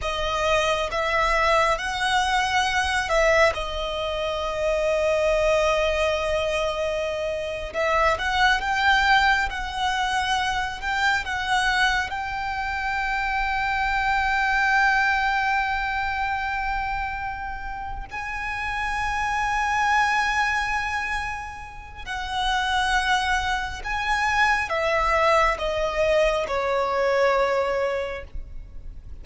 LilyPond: \new Staff \with { instrumentName = "violin" } { \time 4/4 \tempo 4 = 68 dis''4 e''4 fis''4. e''8 | dis''1~ | dis''8. e''8 fis''8 g''4 fis''4~ fis''16~ | fis''16 g''8 fis''4 g''2~ g''16~ |
g''1~ | g''8 gis''2.~ gis''8~ | gis''4 fis''2 gis''4 | e''4 dis''4 cis''2 | }